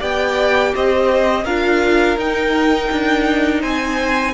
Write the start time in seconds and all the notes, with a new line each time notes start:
0.00 B3 G4 D5 G5
0.75 C4 C5 D#5
1.45 D4 F4 A#4 F5
2.17 D#4 G5
2.92 D4
3.61 C4 C5 G#5